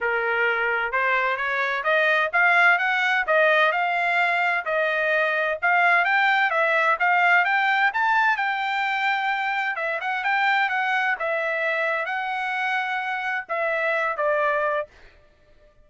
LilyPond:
\new Staff \with { instrumentName = "trumpet" } { \time 4/4 \tempo 4 = 129 ais'2 c''4 cis''4 | dis''4 f''4 fis''4 dis''4 | f''2 dis''2 | f''4 g''4 e''4 f''4 |
g''4 a''4 g''2~ | g''4 e''8 fis''8 g''4 fis''4 | e''2 fis''2~ | fis''4 e''4. d''4. | }